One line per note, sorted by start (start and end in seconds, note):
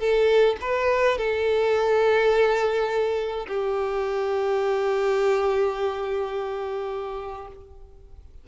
0.00 0.57 A4
0.62 1.18 B4
1.18 3.47 A4
3.48 7.48 G4